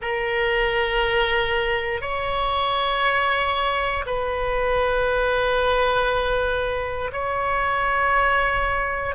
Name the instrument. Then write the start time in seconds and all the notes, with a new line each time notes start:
oboe
0.01 A#4
2.01 C#5
4.06 B4
7.12 C#5